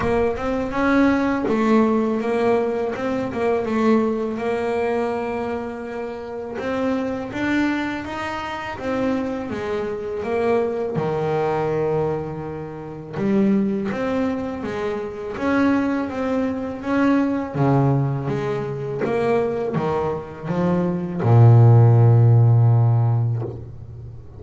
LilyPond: \new Staff \with { instrumentName = "double bass" } { \time 4/4 \tempo 4 = 82 ais8 c'8 cis'4 a4 ais4 | c'8 ais8 a4 ais2~ | ais4 c'4 d'4 dis'4 | c'4 gis4 ais4 dis4~ |
dis2 g4 c'4 | gis4 cis'4 c'4 cis'4 | cis4 gis4 ais4 dis4 | f4 ais,2. | }